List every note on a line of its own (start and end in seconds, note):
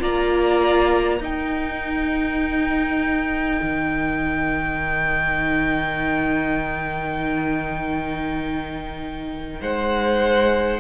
0.00 1.20 A#3
0.00 1.20 F4
0.00 1.19 D5
0.00 1.23 A#5
1.19 3.60 D#4
1.19 10.80 D#4
1.19 9.59 A#4
1.19 9.62 G5
3.62 9.61 D#3
9.61 10.80 G#3
9.61 10.80 C5
9.61 10.80 F#5